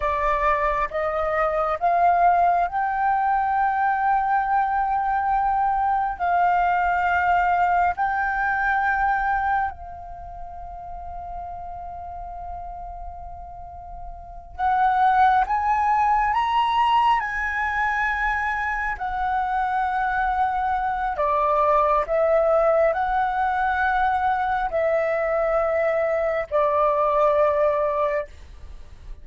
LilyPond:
\new Staff \with { instrumentName = "flute" } { \time 4/4 \tempo 4 = 68 d''4 dis''4 f''4 g''4~ | g''2. f''4~ | f''4 g''2 f''4~ | f''1~ |
f''8 fis''4 gis''4 ais''4 gis''8~ | gis''4. fis''2~ fis''8 | d''4 e''4 fis''2 | e''2 d''2 | }